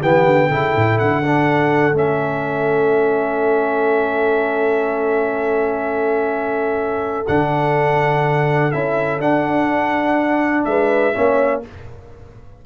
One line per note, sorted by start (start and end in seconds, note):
0.00 0.27 E3
0.00 0.51 B3
0.00 0.48 G4
0.00 0.99 G5
0.27 0.51 D3
0.49 0.75 C#3
0.49 1.24 E4
0.49 10.65 A4
0.77 1.01 A2
0.99 1.93 D3
0.99 1.96 F#5
1.25 1.94 D4
1.93 7.26 A3
1.93 7.26 C#4
1.93 7.28 E5
7.28 8.74 D3
7.28 8.73 D4
7.28 8.72 F#5
8.72 9.20 C#4
8.72 9.21 E4
8.72 9.21 E5
9.20 10.65 D4
9.20 11.14 D4
9.20 10.65 F#5
10.65 11.14 G#3
10.65 11.16 B4
10.65 11.62 E5
11.14 11.66 A#3
11.14 11.62 C#4
11.14 11.64 C#5